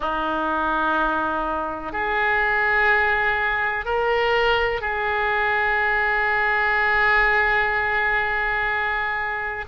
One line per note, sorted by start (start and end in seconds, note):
0.00 1.92 D#4
1.92 3.85 G#4
3.85 4.81 A#4
4.81 9.65 G#4